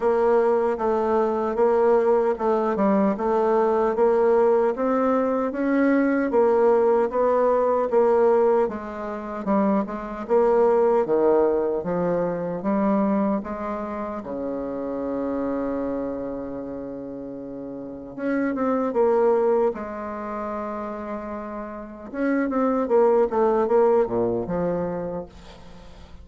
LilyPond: \new Staff \with { instrumentName = "bassoon" } { \time 4/4 \tempo 4 = 76 ais4 a4 ais4 a8 g8 | a4 ais4 c'4 cis'4 | ais4 b4 ais4 gis4 | g8 gis8 ais4 dis4 f4 |
g4 gis4 cis2~ | cis2. cis'8 c'8 | ais4 gis2. | cis'8 c'8 ais8 a8 ais8 ais,8 f4 | }